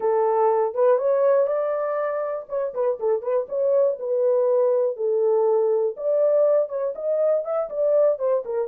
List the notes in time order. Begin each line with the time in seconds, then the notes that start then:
0.00 A4
0.74 B4
0.98 C#5
1.47 D5
2.48 C#5
2.73 B4
2.99 A4
3.22 B4
3.48 C#5
3.99 B4
4.96 A4
5.96 D5
6.69 C#5
6.95 D#5
7.44 E5
7.69 D5
8.18 C5
8.45 A#4